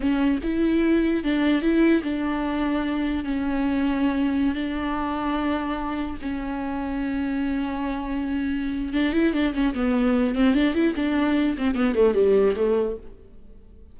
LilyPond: \new Staff \with { instrumentName = "viola" } { \time 4/4 \tempo 4 = 148 cis'4 e'2 d'4 | e'4 d'2. | cis'2.~ cis'16 d'8.~ | d'2.~ d'16 cis'8.~ |
cis'1~ | cis'2 d'8 e'8 d'8 cis'8 | b4. c'8 d'8 e'8 d'4~ | d'8 c'8 b8 a8 g4 a4 | }